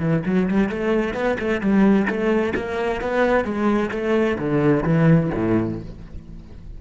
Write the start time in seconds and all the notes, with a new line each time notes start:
0.00 E3
0.26 F#3
0.49 G3
0.70 A3
1.15 B3
1.40 A3
1.61 G3
2.08 A3
2.56 A#3
3.02 B3
3.45 G#3
3.92 A3
4.39 D3
4.84 E3
5.35 A2